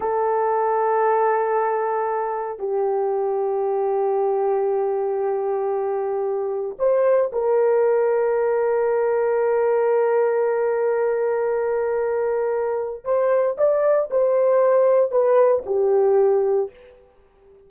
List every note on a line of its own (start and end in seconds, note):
0.00 2.58 A4
2.58 6.76 G4
6.78 7.31 C5
7.32 13.04 A#4
13.04 13.56 C5
13.57 14.09 D5
14.10 15.11 C5
15.11 15.63 B4
15.66 16.70 G4